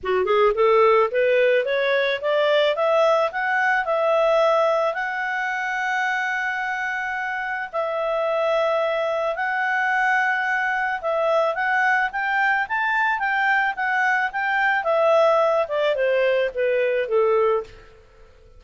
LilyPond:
\new Staff \with { instrumentName = "clarinet" } { \time 4/4 \tempo 4 = 109 fis'8 gis'8 a'4 b'4 cis''4 | d''4 e''4 fis''4 e''4~ | e''4 fis''2.~ | fis''2 e''2~ |
e''4 fis''2. | e''4 fis''4 g''4 a''4 | g''4 fis''4 g''4 e''4~ | e''8 d''8 c''4 b'4 a'4 | }